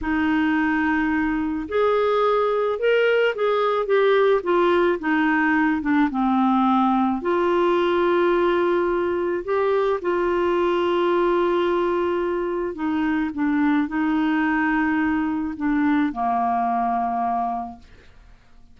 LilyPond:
\new Staff \with { instrumentName = "clarinet" } { \time 4/4 \tempo 4 = 108 dis'2. gis'4~ | gis'4 ais'4 gis'4 g'4 | f'4 dis'4. d'8 c'4~ | c'4 f'2.~ |
f'4 g'4 f'2~ | f'2. dis'4 | d'4 dis'2. | d'4 ais2. | }